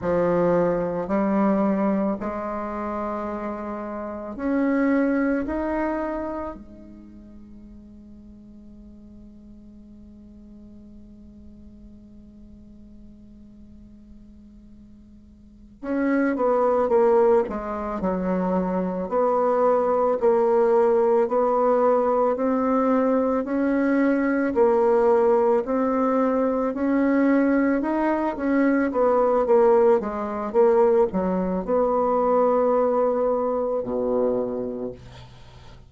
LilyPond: \new Staff \with { instrumentName = "bassoon" } { \time 4/4 \tempo 4 = 55 f4 g4 gis2 | cis'4 dis'4 gis2~ | gis1~ | gis2~ gis8 cis'8 b8 ais8 |
gis8 fis4 b4 ais4 b8~ | b8 c'4 cis'4 ais4 c'8~ | c'8 cis'4 dis'8 cis'8 b8 ais8 gis8 | ais8 fis8 b2 b,4 | }